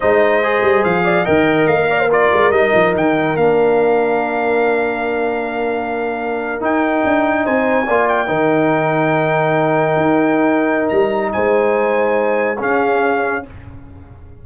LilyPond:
<<
  \new Staff \with { instrumentName = "trumpet" } { \time 4/4 \tempo 4 = 143 dis''2 f''4 g''4 | f''4 d''4 dis''4 g''4 | f''1~ | f''2.~ f''8. g''16~ |
g''4.~ g''16 gis''4. g''8.~ | g''1~ | g''2 ais''4 gis''4~ | gis''2 f''2 | }
  \new Staff \with { instrumentName = "horn" } { \time 4/4 c''2~ c''8 d''8 dis''4~ | dis''8 d''16 c''16 ais'2.~ | ais'1~ | ais'1~ |
ais'4.~ ais'16 c''4 d''4 ais'16~ | ais'1~ | ais'2. c''4~ | c''2 gis'2 | }
  \new Staff \with { instrumentName = "trombone" } { \time 4/4 dis'4 gis'2 ais'4~ | ais'4 f'4 dis'2 | d'1~ | d'2.~ d'8. dis'16~ |
dis'2~ dis'8. f'4 dis'16~ | dis'1~ | dis'1~ | dis'2 cis'2 | }
  \new Staff \with { instrumentName = "tuba" } { \time 4/4 gis4. g8 f4 dis4 | ais4. gis8 g8 f8 dis4 | ais1~ | ais2.~ ais8. dis'16~ |
dis'8. d'4 c'4 ais4 dis16~ | dis2.~ dis8. dis'16~ | dis'2 g4 gis4~ | gis2 cis'2 | }
>>